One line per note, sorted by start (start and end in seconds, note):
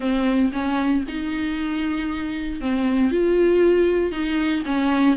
0.00 0.51 C4
0.52 1.04 C#4
1.08 2.60 D#4
2.60 3.11 C4
3.11 4.11 F4
4.11 4.63 D#4
4.65 5.16 C#4